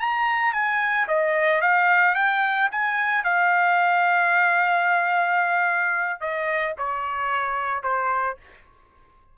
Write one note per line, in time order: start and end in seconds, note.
0.00 0.53 A#5
0.53 1.07 G#5
1.08 1.61 D#5
1.61 2.15 F5
2.15 2.70 G5
2.72 3.24 G#5
3.24 6.21 F5
6.21 6.75 D#5
6.78 7.83 C#5
7.83 8.37 C5